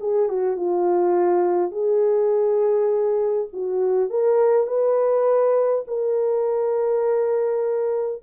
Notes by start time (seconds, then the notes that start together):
0.00 G#4
0.29 F#4
0.57 F4
1.71 G#4
3.53 F#4
4.10 A#4
4.67 B4
5.87 A#4